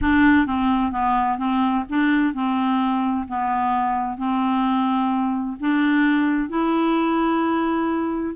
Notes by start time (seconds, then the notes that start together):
0.01 D4
0.46 C4
0.91 B3
1.37 C4
1.89 D4
2.34 C4
3.28 B3
4.17 C4
5.59 D4
6.49 E4